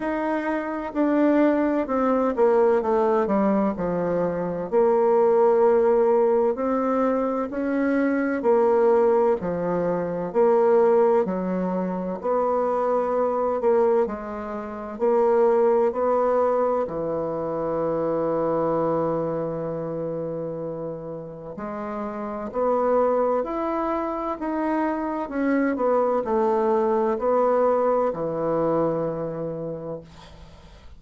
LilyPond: \new Staff \with { instrumentName = "bassoon" } { \time 4/4 \tempo 4 = 64 dis'4 d'4 c'8 ais8 a8 g8 | f4 ais2 c'4 | cis'4 ais4 f4 ais4 | fis4 b4. ais8 gis4 |
ais4 b4 e2~ | e2. gis4 | b4 e'4 dis'4 cis'8 b8 | a4 b4 e2 | }